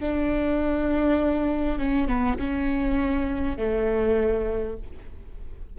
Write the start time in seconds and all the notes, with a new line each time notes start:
0.00 D4
1.78 C#4
2.07 B3
2.38 C#4
3.57 A3